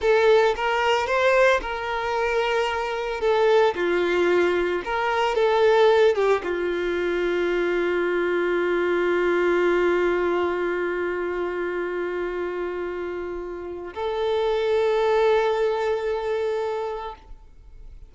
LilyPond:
\new Staff \with { instrumentName = "violin" } { \time 4/4 \tempo 4 = 112 a'4 ais'4 c''4 ais'4~ | ais'2 a'4 f'4~ | f'4 ais'4 a'4. g'8 | f'1~ |
f'1~ | f'1~ | f'2 a'2~ | a'1 | }